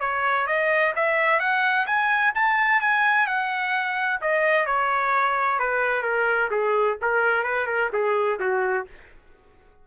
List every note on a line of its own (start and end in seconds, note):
0.00 0.47 C#5
0.47 0.93 D#5
0.95 1.39 E5
1.39 1.86 F#5
1.86 2.33 G#5
2.35 2.81 A5
2.81 3.27 G#5
3.27 4.20 F#5
4.21 4.66 D#5
4.66 5.59 C#5
5.59 6.02 B4
6.02 6.49 A#4
6.51 6.97 G#4
7.01 7.43 A#4
7.43 7.66 B4
7.66 7.89 A#4
7.93 8.39 G#4
8.39 8.86 F#4